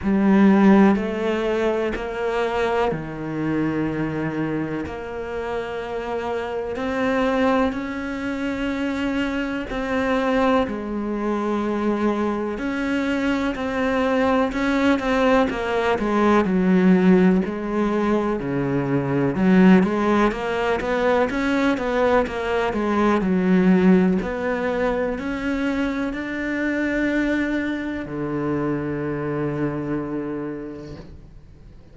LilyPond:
\new Staff \with { instrumentName = "cello" } { \time 4/4 \tempo 4 = 62 g4 a4 ais4 dis4~ | dis4 ais2 c'4 | cis'2 c'4 gis4~ | gis4 cis'4 c'4 cis'8 c'8 |
ais8 gis8 fis4 gis4 cis4 | fis8 gis8 ais8 b8 cis'8 b8 ais8 gis8 | fis4 b4 cis'4 d'4~ | d'4 d2. | }